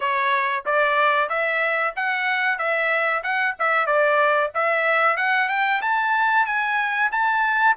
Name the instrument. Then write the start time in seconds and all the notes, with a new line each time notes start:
trumpet
0.00 C#5
0.65 D5
1.29 E5
1.96 F#5
2.58 E5
3.23 F#5
3.59 E5
3.86 D5
4.54 E5
5.16 F#5
5.48 G5
5.81 A5
6.45 G#5
7.11 A5